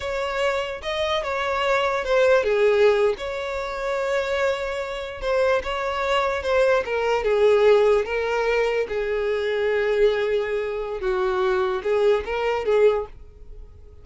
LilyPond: \new Staff \with { instrumentName = "violin" } { \time 4/4 \tempo 4 = 147 cis''2 dis''4 cis''4~ | cis''4 c''4 gis'4.~ gis'16 cis''16~ | cis''1~ | cis''8. c''4 cis''2 c''16~ |
c''8. ais'4 gis'2 ais'16~ | ais'4.~ ais'16 gis'2~ gis'16~ | gis'2. fis'4~ | fis'4 gis'4 ais'4 gis'4 | }